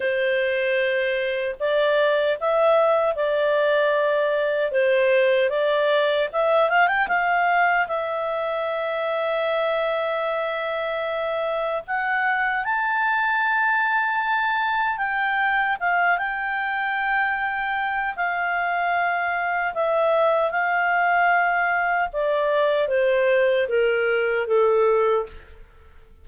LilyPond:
\new Staff \with { instrumentName = "clarinet" } { \time 4/4 \tempo 4 = 76 c''2 d''4 e''4 | d''2 c''4 d''4 | e''8 f''16 g''16 f''4 e''2~ | e''2. fis''4 |
a''2. g''4 | f''8 g''2~ g''8 f''4~ | f''4 e''4 f''2 | d''4 c''4 ais'4 a'4 | }